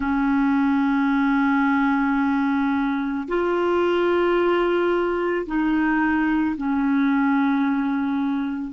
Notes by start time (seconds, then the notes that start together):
0.00 C#4
3.27 F4
5.46 D#4
6.57 C#4